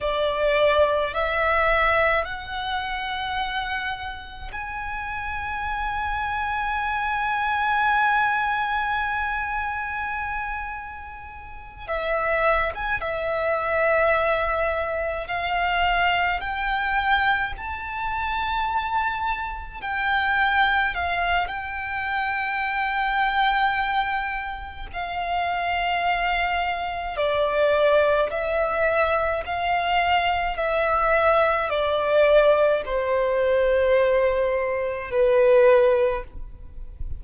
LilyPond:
\new Staff \with { instrumentName = "violin" } { \time 4/4 \tempo 4 = 53 d''4 e''4 fis''2 | gis''1~ | gis''2~ gis''8 e''8. gis''16 e''8~ | e''4. f''4 g''4 a''8~ |
a''4. g''4 f''8 g''4~ | g''2 f''2 | d''4 e''4 f''4 e''4 | d''4 c''2 b'4 | }